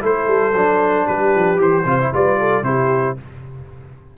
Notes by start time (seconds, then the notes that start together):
0.00 A3 E4 A4 C5
0.28 G3
0.54 F#3 D4
1.07 G3 G4 B4
1.35 F3
1.57 E3 G4 C5
1.85 C3 F4 C5
2.01 E4
2.13 G3 F4 B4 D5
2.40 A4
2.63 C3 E4 G4 C5